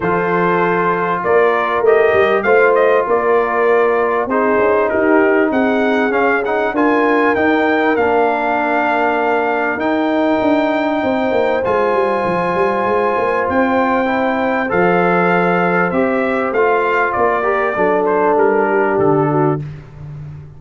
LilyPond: <<
  \new Staff \with { instrumentName = "trumpet" } { \time 4/4 \tempo 4 = 98 c''2 d''4 dis''4 | f''8 dis''8 d''2 c''4 | ais'4 fis''4 f''8 fis''8 gis''4 | g''4 f''2. |
g''2. gis''4~ | gis''2 g''2 | f''2 e''4 f''4 | d''4. c''8 ais'4 a'4 | }
  \new Staff \with { instrumentName = "horn" } { \time 4/4 a'2 ais'2 | c''4 ais'2 gis'4 | g'4 gis'2 ais'4~ | ais'1~ |
ais'2 c''2~ | c''1~ | c''1~ | c''8 ais'8 a'4. g'4 fis'8 | }
  \new Staff \with { instrumentName = "trombone" } { \time 4/4 f'2. g'4 | f'2. dis'4~ | dis'2 cis'8 dis'8 f'4 | dis'4 d'2. |
dis'2. f'4~ | f'2. e'4 | a'2 g'4 f'4~ | f'8 g'8 d'2. | }
  \new Staff \with { instrumentName = "tuba" } { \time 4/4 f2 ais4 a8 g8 | a4 ais2 c'8 cis'8 | dis'4 c'4 cis'4 d'4 | dis'4 ais2. |
dis'4 d'4 c'8 ais8 gis8 g8 | f8 g8 gis8 ais8 c'2 | f2 c'4 a4 | ais4 fis4 g4 d4 | }
>>